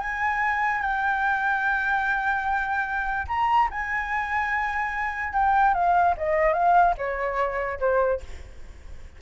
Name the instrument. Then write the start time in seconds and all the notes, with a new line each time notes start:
flute
0.00 G#5
0.81 G5
3.28 A#5
3.71 G#5
5.33 G5
5.74 F5
6.17 D#5
6.53 F5
6.98 C#5
7.80 C5